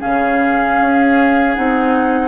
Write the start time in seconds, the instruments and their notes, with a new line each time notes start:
0.00 bassoon C#3, clarinet C#4, oboe G#4, flute F5
0.81 bassoon C#4
1.55 bassoon C4, clarinet D#4, flute F#5